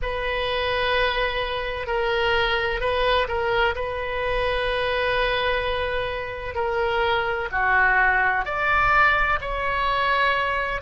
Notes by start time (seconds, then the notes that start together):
0.02 B4
1.87 A#4
2.80 B4
3.28 A#4
3.75 B4
6.55 A#4
7.51 F#4
8.45 D5
9.40 C#5